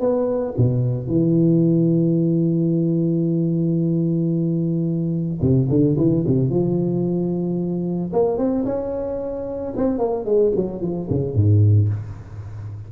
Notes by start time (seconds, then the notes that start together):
0.00 B3
0.57 B2
1.07 E3
5.41 C3
5.69 D3
5.97 E3
6.26 C3
6.49 F3
8.13 A#3
8.38 C4
8.65 C#4
9.76 C4
9.98 A#3
10.25 G#3
10.56 F#3
10.81 F3
11.10 C#3
11.35 G#2